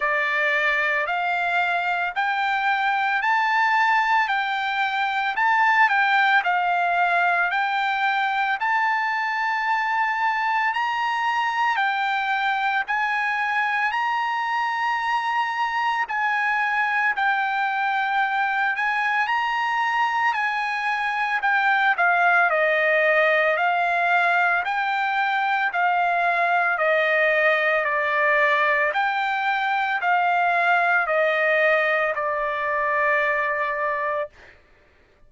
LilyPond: \new Staff \with { instrumentName = "trumpet" } { \time 4/4 \tempo 4 = 56 d''4 f''4 g''4 a''4 | g''4 a''8 g''8 f''4 g''4 | a''2 ais''4 g''4 | gis''4 ais''2 gis''4 |
g''4. gis''8 ais''4 gis''4 | g''8 f''8 dis''4 f''4 g''4 | f''4 dis''4 d''4 g''4 | f''4 dis''4 d''2 | }